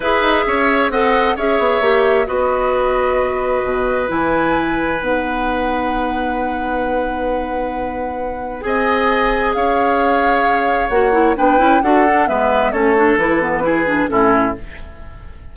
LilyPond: <<
  \new Staff \with { instrumentName = "flute" } { \time 4/4 \tempo 4 = 132 e''2 fis''4 e''4~ | e''4 dis''2.~ | dis''4 gis''2 fis''4~ | fis''1~ |
fis''2. gis''4~ | gis''4 f''2. | fis''4 g''4 fis''4 e''4 | cis''4 b'2 a'4 | }
  \new Staff \with { instrumentName = "oboe" } { \time 4/4 b'4 cis''4 dis''4 cis''4~ | cis''4 b'2.~ | b'1~ | b'1~ |
b'2. dis''4~ | dis''4 cis''2.~ | cis''4 b'4 a'4 b'4 | a'2 gis'4 e'4 | }
  \new Staff \with { instrumentName = "clarinet" } { \time 4/4 gis'2 a'4 gis'4 | g'4 fis'2.~ | fis'4 e'2 dis'4~ | dis'1~ |
dis'2. gis'4~ | gis'1 | fis'8 e'8 d'8 e'8 fis'8 d'8 b4 | cis'8 d'8 e'8 b8 e'8 d'8 cis'4 | }
  \new Staff \with { instrumentName = "bassoon" } { \time 4/4 e'8 dis'8 cis'4 c'4 cis'8 b8 | ais4 b2. | b,4 e2 b4~ | b1~ |
b2. c'4~ | c'4 cis'2. | ais4 b8 cis'8 d'4 gis4 | a4 e2 a,4 | }
>>